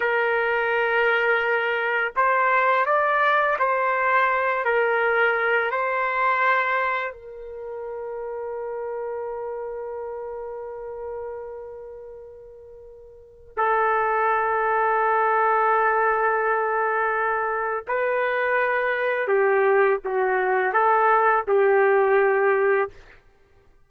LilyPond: \new Staff \with { instrumentName = "trumpet" } { \time 4/4 \tempo 4 = 84 ais'2. c''4 | d''4 c''4. ais'4. | c''2 ais'2~ | ais'1~ |
ais'2. a'4~ | a'1~ | a'4 b'2 g'4 | fis'4 a'4 g'2 | }